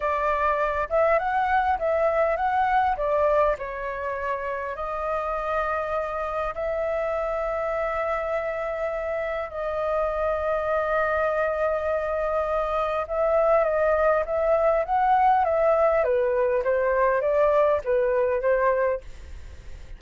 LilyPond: \new Staff \with { instrumentName = "flute" } { \time 4/4 \tempo 4 = 101 d''4. e''8 fis''4 e''4 | fis''4 d''4 cis''2 | dis''2. e''4~ | e''1 |
dis''1~ | dis''2 e''4 dis''4 | e''4 fis''4 e''4 b'4 | c''4 d''4 b'4 c''4 | }